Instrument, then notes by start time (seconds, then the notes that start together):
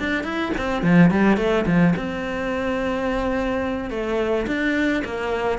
cello
0.00 D4
0.24 E4
0.58 C4
0.83 F3
1.11 G3
1.37 A3
1.67 F3
1.97 C4
3.91 A3
4.47 D4
5.05 A#3